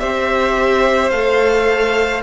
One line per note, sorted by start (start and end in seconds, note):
0.00 1.11 C4
0.00 1.11 G4
0.00 2.23 C5
0.00 1.11 E5
1.11 2.22 A3
1.11 2.24 A4
1.11 2.22 F5